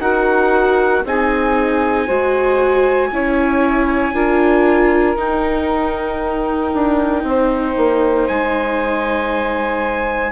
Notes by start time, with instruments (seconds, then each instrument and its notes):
0.00 bassoon D#4, viola F#4, saxophone A#4, trumpet F#5
1.05 bassoon C4, viola D#4, saxophone G#4, trumpet G#5
2.06 bassoon G#3, viola F#4, saxophone C5
3.12 bassoon C#4, viola E4, saxophone C#5
4.14 bassoon D4, viola F4, saxophone A#4
5.16 bassoon D#4, viola D#4, trumpet G5
6.74 bassoon D4
7.24 bassoon C4, saxophone C5
7.77 bassoon A#3
8.28 bassoon G#3, trumpet G#5